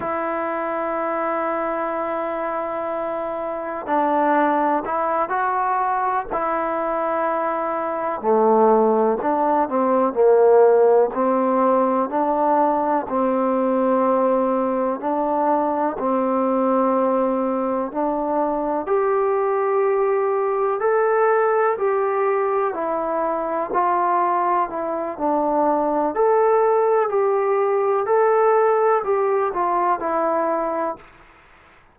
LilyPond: \new Staff \with { instrumentName = "trombone" } { \time 4/4 \tempo 4 = 62 e'1 | d'4 e'8 fis'4 e'4.~ | e'8 a4 d'8 c'8 ais4 c'8~ | c'8 d'4 c'2 d'8~ |
d'8 c'2 d'4 g'8~ | g'4. a'4 g'4 e'8~ | e'8 f'4 e'8 d'4 a'4 | g'4 a'4 g'8 f'8 e'4 | }